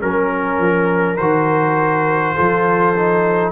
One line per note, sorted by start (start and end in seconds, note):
0.00 0.59 F#3
0.00 1.18 C#4
0.00 1.16 A#4
0.00 2.35 A#4
0.59 1.17 F3
1.16 2.35 D#3
1.16 2.35 F#4
1.16 3.51 C5
2.35 3.52 F3
2.35 2.94 F4
2.35 3.52 A4
2.95 3.52 D#4